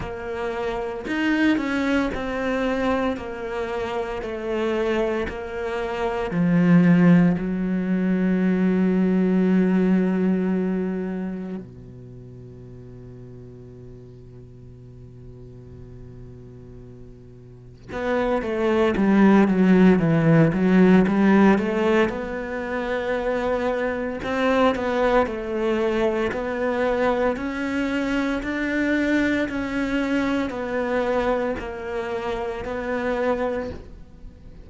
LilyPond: \new Staff \with { instrumentName = "cello" } { \time 4/4 \tempo 4 = 57 ais4 dis'8 cis'8 c'4 ais4 | a4 ais4 f4 fis4~ | fis2. b,4~ | b,1~ |
b,4 b8 a8 g8 fis8 e8 fis8 | g8 a8 b2 c'8 b8 | a4 b4 cis'4 d'4 | cis'4 b4 ais4 b4 | }